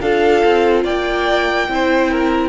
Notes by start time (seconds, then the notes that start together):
0.00 D4 F4 A4 F5
0.44 C4
0.83 A#3 D5 G5
1.68 C4 E4 C5
2.10 A#4